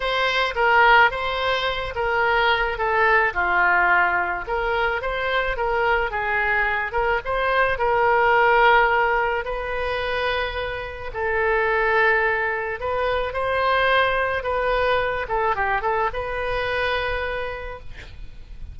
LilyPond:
\new Staff \with { instrumentName = "oboe" } { \time 4/4 \tempo 4 = 108 c''4 ais'4 c''4. ais'8~ | ais'4 a'4 f'2 | ais'4 c''4 ais'4 gis'4~ | gis'8 ais'8 c''4 ais'2~ |
ais'4 b'2. | a'2. b'4 | c''2 b'4. a'8 | g'8 a'8 b'2. | }